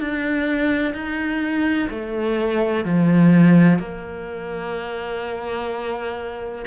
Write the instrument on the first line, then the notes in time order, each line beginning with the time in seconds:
cello
0.00 D4
0.94 D#4
1.90 A3
2.85 F3
3.79 A#3